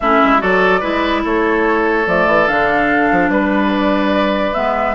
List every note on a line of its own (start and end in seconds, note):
0.00 0.22 A3
0.00 0.39 C#4
0.00 0.41 E4
0.00 0.41 E5
0.23 0.42 G#3
0.39 0.82 F#3
0.39 0.80 F#4
0.39 0.80 A4
0.39 1.24 D5
0.80 1.24 G#3
0.80 2.05 E4
0.80 1.21 B4
1.24 2.06 A3
1.24 3.31 A4
1.24 2.07 C#5
2.06 2.26 F3
2.06 2.48 A3
2.06 2.47 D5
2.26 2.47 E3
2.47 3.11 D3
2.47 4.54 D4
2.47 3.29 F5
3.11 3.29 F3
3.29 4.53 G3
3.29 3.71 B4
3.29 4.95 B4
3.72 4.53 D5
4.53 4.95 G#3
4.53 4.95 B3
4.53 4.95 E5